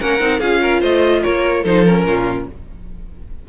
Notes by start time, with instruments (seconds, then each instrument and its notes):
0.00 cello A#3, viola C#4, violin A#4 F#5
0.20 cello C4, viola D#4
0.40 cello C#4, viola F4, violin G#4 F5
0.61 violin A#4
0.80 cello A3, violin C5 D#5
1.23 cello A#3, violin A#4 C#5
1.62 cello F3, viola D#4, violin A4 C5
1.85 viola C#4, violin A#4
2.04 cello A#2, violin F4